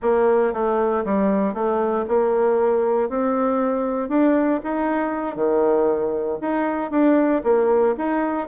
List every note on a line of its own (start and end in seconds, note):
0.01 0.53 A#3
0.53 1.04 A3
1.04 1.54 G3
1.54 2.05 A3
2.08 3.09 A#3
3.09 4.09 C4
4.09 4.60 D4
4.63 5.35 D#4
5.35 6.38 D#3
6.41 6.91 D#4
6.91 7.42 D4
7.43 7.95 A#3
7.97 8.47 D#4